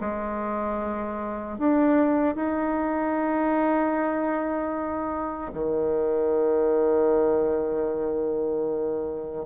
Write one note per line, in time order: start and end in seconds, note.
0.00 1.58 G#3
1.58 2.35 D4
2.35 5.51 D#4
5.53 9.46 D#3